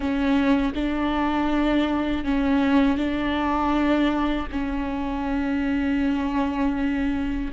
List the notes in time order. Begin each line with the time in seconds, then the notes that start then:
0.00 C#4
0.74 D4
2.24 C#4
2.97 D4
4.51 C#4